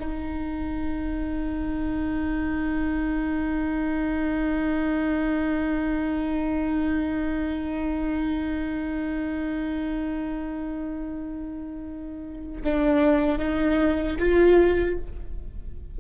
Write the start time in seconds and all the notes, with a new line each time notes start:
0.00 D#4
12.64 D4
13.39 D#4
14.19 F4